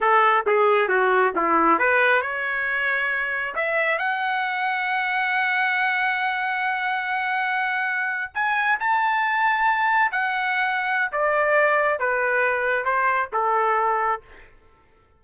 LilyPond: \new Staff \with { instrumentName = "trumpet" } { \time 4/4 \tempo 4 = 135 a'4 gis'4 fis'4 e'4 | b'4 cis''2. | e''4 fis''2.~ | fis''1~ |
fis''2~ fis''8. gis''4 a''16~ | a''2~ a''8. fis''4~ fis''16~ | fis''4 d''2 b'4~ | b'4 c''4 a'2 | }